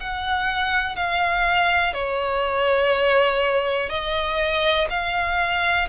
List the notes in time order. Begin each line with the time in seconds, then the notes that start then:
0.00 F#5
0.95 F5
1.93 C#5
3.89 D#5
4.90 F5